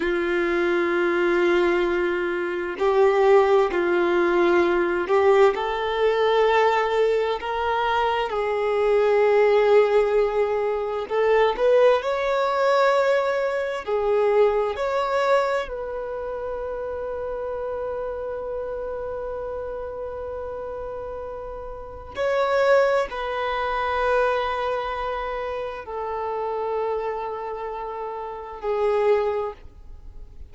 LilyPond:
\new Staff \with { instrumentName = "violin" } { \time 4/4 \tempo 4 = 65 f'2. g'4 | f'4. g'8 a'2 | ais'4 gis'2. | a'8 b'8 cis''2 gis'4 |
cis''4 b'2.~ | b'1 | cis''4 b'2. | a'2. gis'4 | }